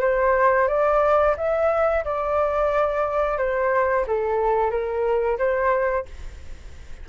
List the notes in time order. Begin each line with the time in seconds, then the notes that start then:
0.00 C5
0.68 D5
1.37 E5
2.04 D5
3.38 C5
4.07 A4
4.70 A#4
5.38 C5